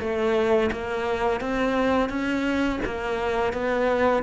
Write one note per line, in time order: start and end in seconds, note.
0.00 0.71 A3
0.72 1.41 A#3
1.41 2.10 C4
2.10 2.80 C#4
2.85 3.53 A#3
3.53 4.23 B3